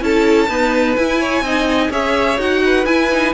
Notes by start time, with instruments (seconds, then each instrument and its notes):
0.00 cello C#4, viola E4, violin A4 A5
0.49 viola B3, cello D#4, violin B4
0.96 cello E4, viola E4, violin G#5
1.20 violin C#5
1.41 cello C4, viola D#4, violin D#5
1.91 cello C#4, viola G#4, violin C#5 E5
2.38 cello D#4, viola F#4, violin F#5
2.65 violin B4
2.86 cello E4, viola E4, violin G#5
3.12 viola D#4